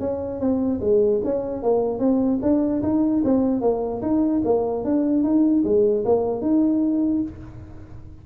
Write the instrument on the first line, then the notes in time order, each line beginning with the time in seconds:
tuba
0.00 C#4
0.40 C4
0.81 G#3
1.24 C#4
1.63 A#3
1.99 C4
2.42 D4
2.83 D#4
3.25 C4
3.61 A#3
4.02 D#4
4.45 A#3
4.84 D4
5.23 D#4
5.64 G#3
6.05 A#3
6.42 D#4